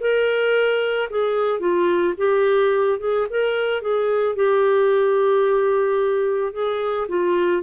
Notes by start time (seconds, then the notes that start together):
0.00 A#4
1.10 G#4
1.60 F4
2.17 G4
3.00 G#4
3.30 A#4
3.82 G#4
4.35 G4
6.53 G#4
7.08 F4